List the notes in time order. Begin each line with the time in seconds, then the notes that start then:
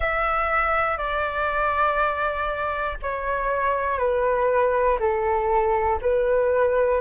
0.00 E5
0.97 D5
3.02 C#5
3.98 B4
5.00 A4
6.01 B4